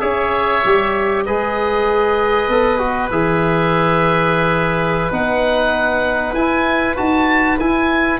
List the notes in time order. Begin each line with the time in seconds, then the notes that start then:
0.00 C#4 G#4 C#5 E5
0.65 G3 G4
1.26 G#3 G#4 B4 D#5
2.48 B3 A4
2.78 F#4
3.10 E3 G#4 E5
5.11 B3 D#4 F#5
6.33 E4 G#5
6.97 D#4 F#4 A5
7.59 E4 G#5